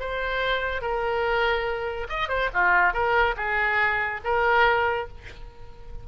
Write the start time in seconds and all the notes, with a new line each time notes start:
0.00 C5
0.82 A#4
2.09 D#5
2.29 C5
2.53 F4
2.93 A#4
3.37 G#4
4.24 A#4